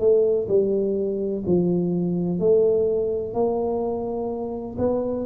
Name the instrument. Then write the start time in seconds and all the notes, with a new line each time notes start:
tuba
0.00 A3
0.48 G3
1.47 F3
2.40 A3
3.34 A#3
4.79 B3